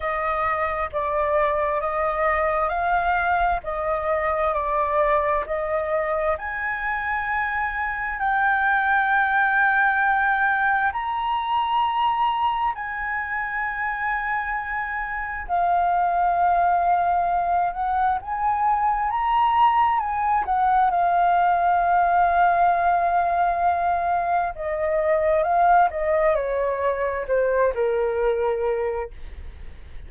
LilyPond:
\new Staff \with { instrumentName = "flute" } { \time 4/4 \tempo 4 = 66 dis''4 d''4 dis''4 f''4 | dis''4 d''4 dis''4 gis''4~ | gis''4 g''2. | ais''2 gis''2~ |
gis''4 f''2~ f''8 fis''8 | gis''4 ais''4 gis''8 fis''8 f''4~ | f''2. dis''4 | f''8 dis''8 cis''4 c''8 ais'4. | }